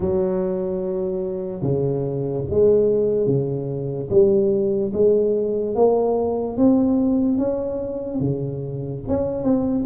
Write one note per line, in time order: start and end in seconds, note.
0.00 1.62 F#3
1.62 2.44 C#3
2.50 3.26 G#3
3.26 4.08 C#3
4.10 4.92 G3
4.93 5.75 G#3
5.75 6.57 A#3
6.57 7.37 C4
7.37 8.20 C#4
8.20 9.02 C#3
9.07 9.43 C#4
9.43 9.84 C4